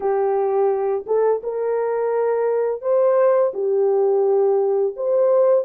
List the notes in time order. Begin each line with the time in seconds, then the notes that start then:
0.00 G4
1.06 A4
1.43 A#4
2.81 C5
3.53 G4
4.96 C5